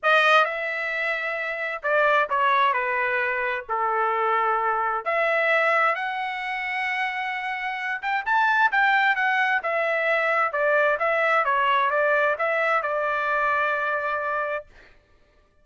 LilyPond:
\new Staff \with { instrumentName = "trumpet" } { \time 4/4 \tempo 4 = 131 dis''4 e''2. | d''4 cis''4 b'2 | a'2. e''4~ | e''4 fis''2.~ |
fis''4. g''8 a''4 g''4 | fis''4 e''2 d''4 | e''4 cis''4 d''4 e''4 | d''1 | }